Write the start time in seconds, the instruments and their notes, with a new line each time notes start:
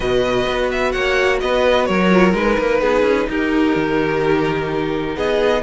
0.00 cello B2, viola F#4, violin B4 D#5
0.47 cello B3
0.71 violin E5
0.92 cello A#3, violin C#5 F#5
1.40 cello B3, violin B4 D#5
1.85 cello F#3, violin A#4 C#5
2.10 viola F4
2.33 cello G#3, viola D#4, violin B4
2.58 cello A#3
2.80 cello B3, violin G#4
3.02 cello C#4
3.29 cello D#4, violin G4 A#4
3.75 cello D#3
5.15 cello B3, violin G#4 D#5